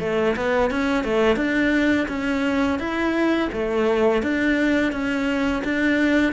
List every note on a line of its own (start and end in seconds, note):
0.00 0.35 A3
0.36 0.71 B3
0.71 1.04 C#4
1.04 1.36 A3
1.36 2.07 D4
2.08 2.79 C#4
2.79 3.49 E4
3.53 4.22 A3
4.22 4.92 D4
4.92 5.62 C#4
5.64 6.32 D4